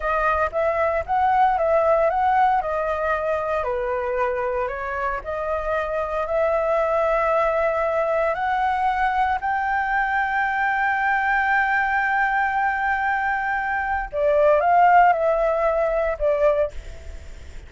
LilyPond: \new Staff \with { instrumentName = "flute" } { \time 4/4 \tempo 4 = 115 dis''4 e''4 fis''4 e''4 | fis''4 dis''2 b'4~ | b'4 cis''4 dis''2 | e''1 |
fis''2 g''2~ | g''1~ | g''2. d''4 | f''4 e''2 d''4 | }